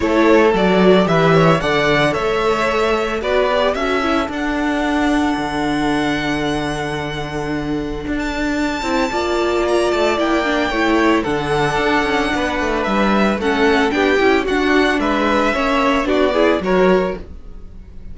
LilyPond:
<<
  \new Staff \with { instrumentName = "violin" } { \time 4/4 \tempo 4 = 112 cis''4 d''4 e''4 fis''4 | e''2 d''4 e''4 | fis''1~ | fis''2.~ fis''16 a''8.~ |
a''2 ais''8 a''8 g''4~ | g''4 fis''2. | e''4 fis''4 g''4 fis''4 | e''2 d''4 cis''4 | }
  \new Staff \with { instrumentName = "violin" } { \time 4/4 a'2 b'8 cis''8 d''4 | cis''2 b'4 a'4~ | a'1~ | a'1~ |
a'4 d''2. | cis''4 a'2 b'4~ | b'4 a'4 g'4 fis'4 | b'4 cis''4 fis'8 gis'8 ais'4 | }
  \new Staff \with { instrumentName = "viola" } { \time 4/4 e'4 fis'4 g'4 a'4~ | a'2 fis'8 g'8 fis'8 e'8 | d'1~ | d'1~ |
d'8 e'8 f'2 e'8 d'8 | e'4 d'2.~ | d'4 cis'4 d'8 e'8 d'4~ | d'4 cis'4 d'8 e'8 fis'4 | }
  \new Staff \with { instrumentName = "cello" } { \time 4/4 a4 fis4 e4 d4 | a2 b4 cis'4 | d'2 d2~ | d2. d'4~ |
d'8 c'8 ais4. a8 ais4 | a4 d4 d'8 cis'8 b8 a8 | g4 a4 b8 cis'8 d'4 | gis4 ais4 b4 fis4 | }
>>